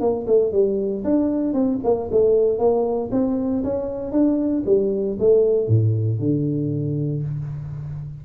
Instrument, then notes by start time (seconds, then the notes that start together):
tuba
0.00 A#3
0.27 A3
0.52 G3
1.04 D4
1.53 C4
1.84 A#3
2.11 A3
2.58 A#3
3.11 C4
3.64 C#4
4.11 D4
4.66 G3
5.19 A3
5.68 A2
6.19 D3